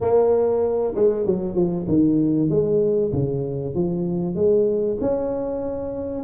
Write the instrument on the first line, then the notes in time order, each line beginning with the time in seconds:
tuba
0.00 A#3
0.95 G#3
1.26 F#3
1.55 F3
1.88 D#3
2.49 G#3
3.12 C#3
3.74 F3
4.35 G#3
5.01 C#4